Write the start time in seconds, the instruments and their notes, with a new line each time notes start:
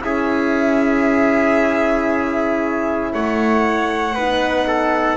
0.00 double bass C#4, horn E4, trumpet G#4, violin E5
3.12 double bass A3, trumpet C#5, violin F#5
4.14 double bass B3, horn D#4, trumpet B4
4.67 trumpet A4